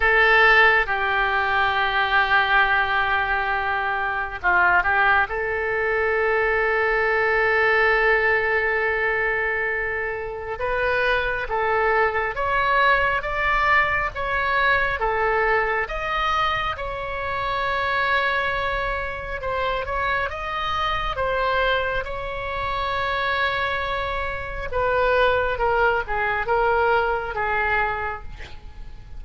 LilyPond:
\new Staff \with { instrumentName = "oboe" } { \time 4/4 \tempo 4 = 68 a'4 g'2.~ | g'4 f'8 g'8 a'2~ | a'1 | b'4 a'4 cis''4 d''4 |
cis''4 a'4 dis''4 cis''4~ | cis''2 c''8 cis''8 dis''4 | c''4 cis''2. | b'4 ais'8 gis'8 ais'4 gis'4 | }